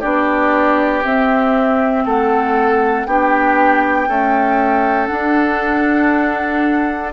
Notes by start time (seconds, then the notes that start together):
0.00 B3 D4 G4 D5
1.04 C4 E5
2.05 A3 A4 F#5
3.06 B3 D4 G4 G5
4.08 A3 C#4 A4
5.07 D4 F#5